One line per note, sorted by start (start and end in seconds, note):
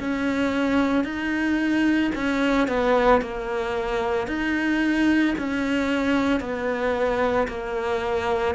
0.00 1.05 C#4
1.05 2.12 D#4
2.15 2.68 C#4
2.68 3.21 B3
3.21 4.28 A#3
4.28 5.35 D#4
5.39 6.40 C#4
6.40 7.48 B3
7.48 8.55 A#3